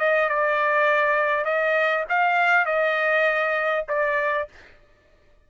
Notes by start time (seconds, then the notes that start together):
0.00 D#5
0.29 D5
1.45 D#5
2.09 F5
2.66 D#5
3.89 D5